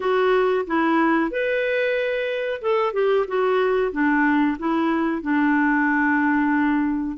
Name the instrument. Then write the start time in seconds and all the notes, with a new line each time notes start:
clarinet
0.00 F#4
0.66 E4
1.30 B4
2.61 A4
2.93 G4
3.27 F#4
3.92 D4
4.58 E4
5.21 D4